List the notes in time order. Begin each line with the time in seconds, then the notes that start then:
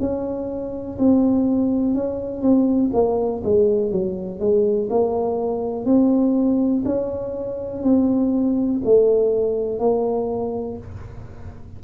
0.00 C#4
0.99 C4
1.95 C#4
2.42 C4
2.93 A#3
3.44 G#3
3.92 F#3
4.40 G#3
4.90 A#3
5.86 C4
6.85 C#4
7.83 C4
8.85 A3
9.80 A#3